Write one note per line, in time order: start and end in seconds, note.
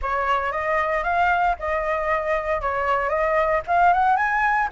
0.01 0.51 C#5
0.51 1.03 D#5
1.03 1.55 F5
1.59 2.61 D#5
2.61 3.09 C#5
3.09 3.61 D#5
3.67 3.93 F5
3.93 4.16 F#5
4.16 4.68 G#5